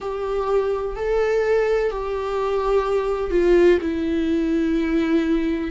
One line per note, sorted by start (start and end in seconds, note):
0.00 0.96 G4
0.96 1.90 A4
1.90 3.31 G4
3.31 3.78 F4
3.81 5.70 E4